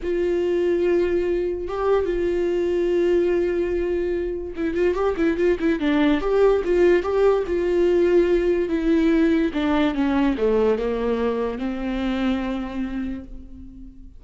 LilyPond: \new Staff \with { instrumentName = "viola" } { \time 4/4 \tempo 4 = 145 f'1 | g'4 f'2.~ | f'2. e'8 f'8 | g'8 e'8 f'8 e'8 d'4 g'4 |
f'4 g'4 f'2~ | f'4 e'2 d'4 | cis'4 a4 ais2 | c'1 | }